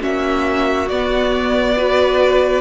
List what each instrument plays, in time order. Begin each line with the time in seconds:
0.00 cello A#3, viola C#4, violin F#4 E5
0.88 cello B3, viola B3, violin D5
1.76 viola F#4, violin B4